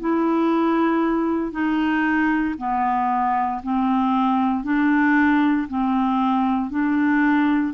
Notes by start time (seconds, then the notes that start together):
0.00 E4
1.52 D#4
2.58 B3
3.63 C4
4.64 D4
5.68 C4
6.70 D4